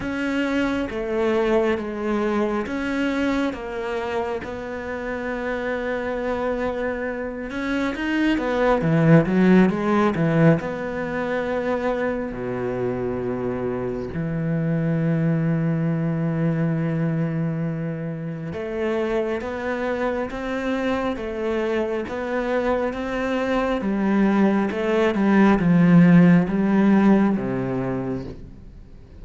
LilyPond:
\new Staff \with { instrumentName = "cello" } { \time 4/4 \tempo 4 = 68 cis'4 a4 gis4 cis'4 | ais4 b2.~ | b8 cis'8 dis'8 b8 e8 fis8 gis8 e8 | b2 b,2 |
e1~ | e4 a4 b4 c'4 | a4 b4 c'4 g4 | a8 g8 f4 g4 c4 | }